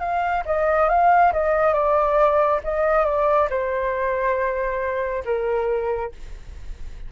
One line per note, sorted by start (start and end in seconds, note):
0.00 0.43 F5
0.46 0.89 D#5
0.89 1.32 F5
1.33 1.74 D#5
1.74 2.60 D5
2.64 3.06 D#5
3.06 3.49 D5
3.50 5.24 C5
5.25 6.12 A#4